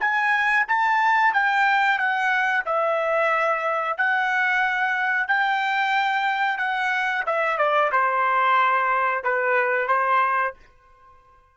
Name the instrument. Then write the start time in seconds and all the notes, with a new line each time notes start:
trumpet
0.00 G#5
0.67 A5
1.33 G5
1.98 F#5
2.65 E5
3.97 F#5
5.27 G5
6.58 F#5
7.26 E5
7.57 D5
7.92 C5
9.23 B4
9.88 C5